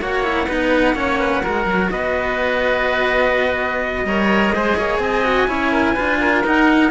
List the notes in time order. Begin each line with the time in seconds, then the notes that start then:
0.00 A#3 F#4 C#5 F#5
0.24 E4
0.48 B3 D#4 B4
0.94 A#3 C#4 C#5
1.20 B4
1.43 G#3 F#4 A#4
1.66 F#3
1.91 B3 B4 D#5
4.05 G3 A#4 C#5
4.50 G#3 G#4 C5
4.78 A#3 C#5
5.00 C4 D#5 G#5
5.24 F#4
5.48 C#4 E4 C#5
5.72 A#4
5.94 D4 F4 B4
6.21 A#4
6.45 D#4 F#5